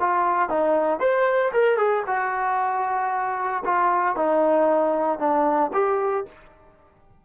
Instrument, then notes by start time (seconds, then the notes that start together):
trombone
0.00 F4
0.50 D#4
1.00 C5
1.53 A#4
1.78 G#4
2.07 F#4
3.65 F4
4.17 D#4
5.19 D4
5.74 G4